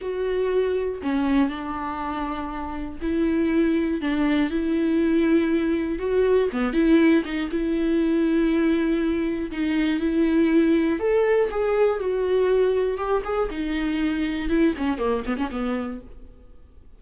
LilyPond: \new Staff \with { instrumentName = "viola" } { \time 4/4 \tempo 4 = 120 fis'2 cis'4 d'4~ | d'2 e'2 | d'4 e'2. | fis'4 b8 e'4 dis'8 e'4~ |
e'2. dis'4 | e'2 a'4 gis'4 | fis'2 g'8 gis'8 dis'4~ | dis'4 e'8 cis'8 ais8 b16 cis'16 b4 | }